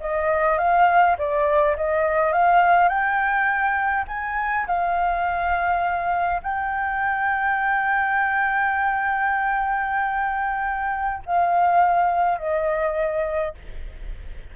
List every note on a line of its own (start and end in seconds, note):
0.00 0.58 D#5
0.58 1.16 F5
1.18 1.76 D5
1.76 2.32 D#5
2.32 2.88 F5
2.88 4.05 G5
4.08 4.66 G#5
4.67 6.41 F5
6.42 11.23 G5
11.25 12.38 F5
12.38 13.54 D#5